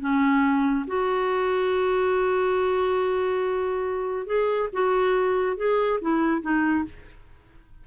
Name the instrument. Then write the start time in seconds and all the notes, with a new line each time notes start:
clarinet
0.00 C#4
0.87 F#4
4.26 G#4
4.73 F#4
5.57 G#4
6.01 E4
6.42 D#4